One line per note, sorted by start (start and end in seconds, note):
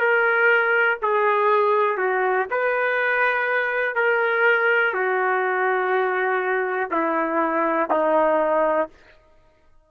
0.00 0.98 A#4
1.01 1.97 G#4
1.97 2.46 F#4
2.50 3.95 B4
3.95 4.94 A#4
4.94 6.90 F#4
6.91 7.89 E4
7.90 8.89 D#4